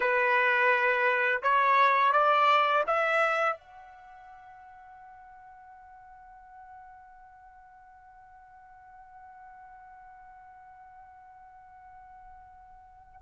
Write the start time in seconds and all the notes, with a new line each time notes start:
0.00 B4
1.42 C#5
2.12 D5
2.86 E5
3.56 F#5